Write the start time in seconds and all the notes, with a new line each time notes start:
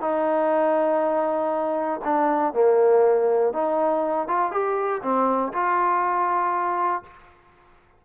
0.00 D#4
2.04 D4
2.53 A#3
3.52 D#4
4.27 F4
4.51 G4
5.02 C4
5.53 F4